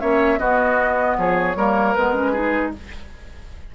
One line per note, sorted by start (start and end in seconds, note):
0.00 0.39 A#3
0.00 0.38 C#4
0.00 0.39 C#5
0.00 0.39 E5
0.38 1.55 B3
0.38 1.17 B3
0.38 1.17 F#4
0.38 1.17 D#5
1.18 1.56 F3
1.18 1.57 G#4
1.18 1.94 C#5
1.56 1.95 G3
1.56 1.97 A#3
1.56 2.32 A#4
1.94 2.75 G#3
1.94 2.14 B3
1.94 2.71 B4
2.14 2.34 C#4
2.32 2.73 D#4
2.32 2.71 G#4